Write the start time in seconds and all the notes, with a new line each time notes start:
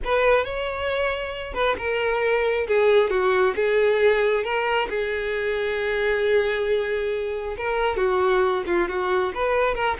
0.04 B4
0.44 C#5
1.53 B4
1.78 A#4
2.67 G#4
3.10 F#4
3.55 G#4
4.44 A#4
4.89 G#4
7.57 A#4
7.96 F#4
8.66 F4
8.88 F#4
9.34 B4
9.75 A#4